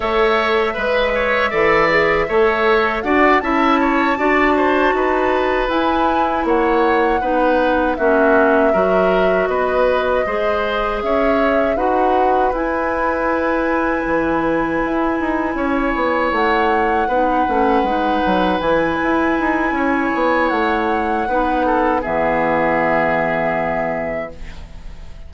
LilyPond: <<
  \new Staff \with { instrumentName = "flute" } { \time 4/4 \tempo 4 = 79 e''1 | fis''8 a''2. gis''8~ | gis''8 fis''2 e''4.~ | e''8 dis''2 e''4 fis''8~ |
fis''8 gis''2.~ gis''8~ | gis''4. fis''2~ fis''8~ | fis''8 gis''2~ gis''8 fis''4~ | fis''4 e''2. | }
  \new Staff \with { instrumentName = "oboe" } { \time 4/4 cis''4 b'8 cis''8 d''4 cis''4 | d''8 e''8 cis''8 d''8 c''8 b'4.~ | b'8 cis''4 b'4 fis'4 ais'8~ | ais'8 b'4 c''4 cis''4 b'8~ |
b'1~ | b'8 cis''2 b'4.~ | b'2 cis''2 | b'8 a'8 gis'2. | }
  \new Staff \with { instrumentName = "clarinet" } { \time 4/4 a'4 b'4 a'8 gis'8 a'4 | fis'8 e'4 fis'2 e'8~ | e'4. dis'4 cis'4 fis'8~ | fis'4. gis'2 fis'8~ |
fis'8 e'2.~ e'8~ | e'2~ e'8 dis'8 cis'8 dis'8~ | dis'8 e'2.~ e'8 | dis'4 b2. | }
  \new Staff \with { instrumentName = "bassoon" } { \time 4/4 a4 gis4 e4 a4 | d'8 cis'4 d'4 dis'4 e'8~ | e'8 ais4 b4 ais4 fis8~ | fis8 b4 gis4 cis'4 dis'8~ |
dis'8 e'2 e4 e'8 | dis'8 cis'8 b8 a4 b8 a8 gis8 | fis8 e8 e'8 dis'8 cis'8 b8 a4 | b4 e2. | }
>>